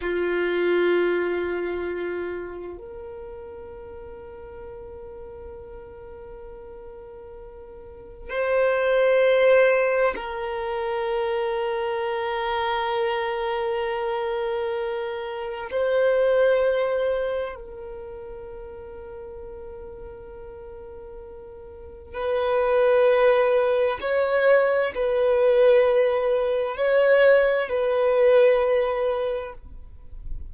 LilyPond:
\new Staff \with { instrumentName = "violin" } { \time 4/4 \tempo 4 = 65 f'2. ais'4~ | ais'1~ | ais'4 c''2 ais'4~ | ais'1~ |
ais'4 c''2 ais'4~ | ais'1 | b'2 cis''4 b'4~ | b'4 cis''4 b'2 | }